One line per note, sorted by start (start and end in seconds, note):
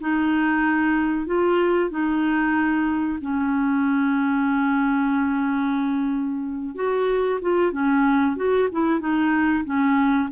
0.00 1.26 D#4
1.26 1.90 F4
1.90 3.19 D#4
3.21 6.75 C#4
6.75 7.40 F#4
7.41 7.72 F4
7.72 8.36 C#4
8.36 8.69 F#4
8.72 8.99 E4
8.99 9.64 D#4
9.64 10.29 C#4